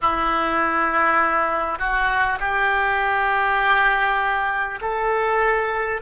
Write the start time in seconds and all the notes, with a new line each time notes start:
0.01 E4
1.78 F#4
2.39 G4
4.81 A4